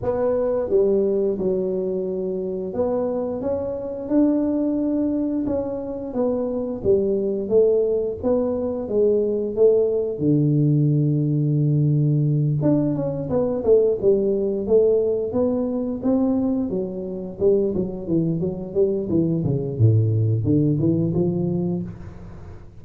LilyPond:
\new Staff \with { instrumentName = "tuba" } { \time 4/4 \tempo 4 = 88 b4 g4 fis2 | b4 cis'4 d'2 | cis'4 b4 g4 a4 | b4 gis4 a4 d4~ |
d2~ d8 d'8 cis'8 b8 | a8 g4 a4 b4 c'8~ | c'8 fis4 g8 fis8 e8 fis8 g8 | e8 cis8 a,4 d8 e8 f4 | }